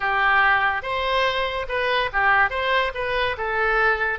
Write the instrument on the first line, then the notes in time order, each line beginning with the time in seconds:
oboe
0.00 G4
0.82 C5
1.68 B4
2.12 G4
2.49 C5
2.94 B4
3.37 A4